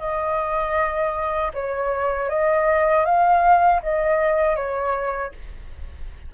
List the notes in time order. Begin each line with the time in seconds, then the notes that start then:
0.00 D#5
1.54 C#5
2.29 D#5
3.05 F5
3.83 D#5
4.56 C#5